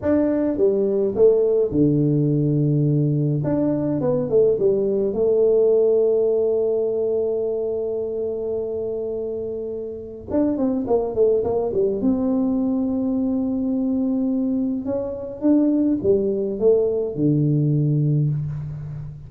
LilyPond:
\new Staff \with { instrumentName = "tuba" } { \time 4/4 \tempo 4 = 105 d'4 g4 a4 d4~ | d2 d'4 b8 a8 | g4 a2.~ | a1~ |
a2 d'8 c'8 ais8 a8 | ais8 g8 c'2.~ | c'2 cis'4 d'4 | g4 a4 d2 | }